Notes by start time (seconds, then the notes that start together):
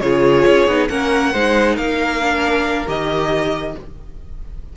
0.00 C#3 F4 G#4 C#5
0.46 C#4
0.67 B3 D#4
0.88 A#3 C#4 A#4 F#5
1.32 G#3 D#4 C5
1.75 A#3 A#4 F5
2.21 D4
2.87 D#3 G4 D#5